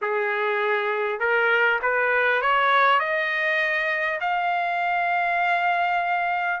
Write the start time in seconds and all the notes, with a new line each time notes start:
0.01 G#4
1.19 A#4
1.82 B4
2.41 C#5
2.99 D#5
4.20 F5